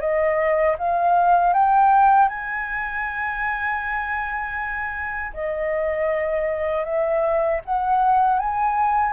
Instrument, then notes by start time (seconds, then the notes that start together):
flute
0.00 D#5
0.78 F5
1.53 G5
2.28 G#5
5.33 D#5
6.84 E5
7.65 F#5
8.39 G#5